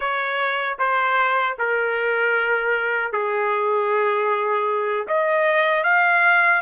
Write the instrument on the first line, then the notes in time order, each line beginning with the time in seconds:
trumpet
0.00 C#5
0.79 C5
1.58 A#4
3.12 G#4
5.07 D#5
5.83 F5